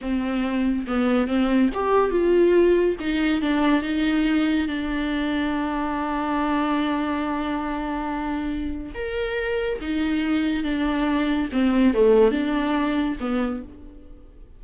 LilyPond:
\new Staff \with { instrumentName = "viola" } { \time 4/4 \tempo 4 = 141 c'2 b4 c'4 | g'4 f'2 dis'4 | d'4 dis'2 d'4~ | d'1~ |
d'1~ | d'4 ais'2 dis'4~ | dis'4 d'2 c'4 | a4 d'2 b4 | }